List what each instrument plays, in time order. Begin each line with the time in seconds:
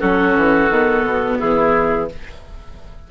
0.00 bassoon F#3, viola C#4, oboe F#4, clarinet A4
0.35 bassoon E3
0.69 bassoon D#3, viola B3
1.03 bassoon B2
1.39 bassoon E3, oboe E4, clarinet G#4